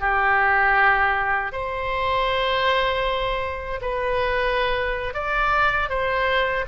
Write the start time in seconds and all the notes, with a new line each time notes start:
0.00 G4
1.52 C5
3.81 B4
5.13 D5
5.89 C5